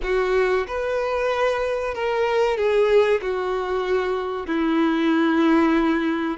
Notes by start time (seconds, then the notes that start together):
0.02 F#4
0.67 B4
1.94 A#4
2.57 G#4
3.21 F#4
4.47 E4